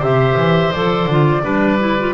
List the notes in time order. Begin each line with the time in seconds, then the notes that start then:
0.00 C3 G4 C5 E5
0.37 E3
0.72 F3 A4 D5
1.07 D3 F4
1.43 G3 D4 B4
1.80 E4
2.00 F4